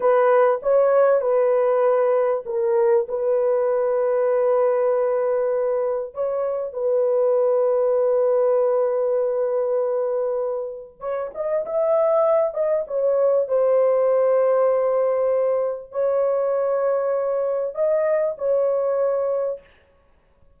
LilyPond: \new Staff \with { instrumentName = "horn" } { \time 4/4 \tempo 4 = 98 b'4 cis''4 b'2 | ais'4 b'2.~ | b'2 cis''4 b'4~ | b'1~ |
b'2 cis''8 dis''8 e''4~ | e''8 dis''8 cis''4 c''2~ | c''2 cis''2~ | cis''4 dis''4 cis''2 | }